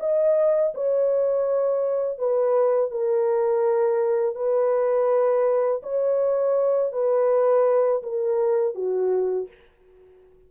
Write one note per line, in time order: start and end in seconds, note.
0.00 0.73 D#5
0.74 2.18 C#5
2.18 2.91 B4
2.91 4.35 A#4
4.35 5.82 B4
5.83 6.92 C#5
6.92 8.02 B4
8.03 8.75 A#4
8.75 9.48 F#4